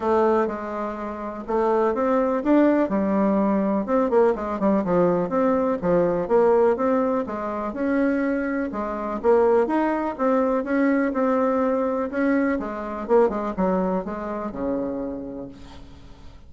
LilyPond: \new Staff \with { instrumentName = "bassoon" } { \time 4/4 \tempo 4 = 124 a4 gis2 a4 | c'4 d'4 g2 | c'8 ais8 gis8 g8 f4 c'4 | f4 ais4 c'4 gis4 |
cis'2 gis4 ais4 | dis'4 c'4 cis'4 c'4~ | c'4 cis'4 gis4 ais8 gis8 | fis4 gis4 cis2 | }